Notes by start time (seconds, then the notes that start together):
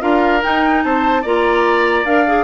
0.00 D4 F4 A#4 F5
0.41 D#4 G5
0.83 C4 C5 A5
1.22 A#3 F4 D5 A#5
2.05 D4 A#4 F5
2.26 G#4